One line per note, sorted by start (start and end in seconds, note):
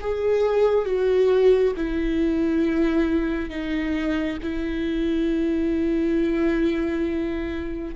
0.00 0.85 G#4
0.85 1.73 F#4
1.76 3.49 E4
3.49 4.38 D#4
4.42 7.95 E4